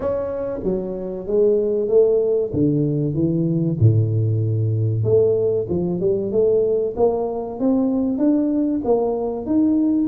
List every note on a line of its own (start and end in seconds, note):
0.00 0.59 C#4
0.63 1.26 F#3
1.27 1.88 G#3
1.88 2.51 A3
2.53 3.13 D3
3.13 3.77 E3
3.79 5.03 A2
5.03 5.66 A3
5.69 6.00 F3
6.00 6.31 G3
6.31 6.94 A3
6.96 7.59 A#3
7.59 8.18 C4
8.18 8.81 D4
8.84 9.46 A#3
9.46 10.08 D#4